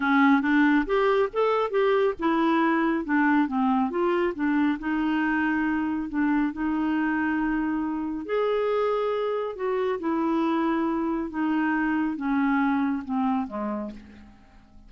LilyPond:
\new Staff \with { instrumentName = "clarinet" } { \time 4/4 \tempo 4 = 138 cis'4 d'4 g'4 a'4 | g'4 e'2 d'4 | c'4 f'4 d'4 dis'4~ | dis'2 d'4 dis'4~ |
dis'2. gis'4~ | gis'2 fis'4 e'4~ | e'2 dis'2 | cis'2 c'4 gis4 | }